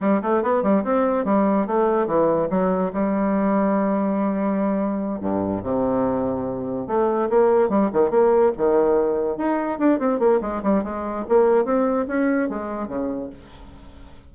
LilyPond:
\new Staff \with { instrumentName = "bassoon" } { \time 4/4 \tempo 4 = 144 g8 a8 b8 g8 c'4 g4 | a4 e4 fis4 g4~ | g1~ | g8 g,4 c2~ c8~ |
c8 a4 ais4 g8 dis8 ais8~ | ais8 dis2 dis'4 d'8 | c'8 ais8 gis8 g8 gis4 ais4 | c'4 cis'4 gis4 cis4 | }